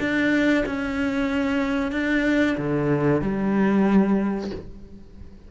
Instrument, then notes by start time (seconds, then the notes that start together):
cello
0.00 D4
0.66 C#4
1.92 D4
2.57 D3
3.22 G3